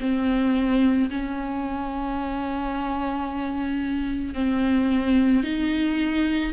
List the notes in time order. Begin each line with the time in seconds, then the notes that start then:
0.00 C4
1.10 C#4
4.34 C4
5.43 D#4